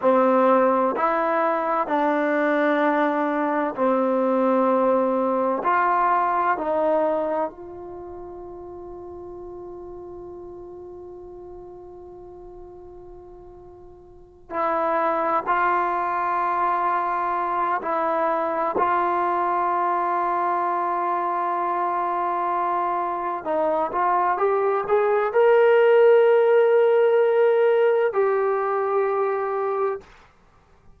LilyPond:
\new Staff \with { instrumentName = "trombone" } { \time 4/4 \tempo 4 = 64 c'4 e'4 d'2 | c'2 f'4 dis'4 | f'1~ | f'2.~ f'8 e'8~ |
e'8 f'2~ f'8 e'4 | f'1~ | f'4 dis'8 f'8 g'8 gis'8 ais'4~ | ais'2 g'2 | }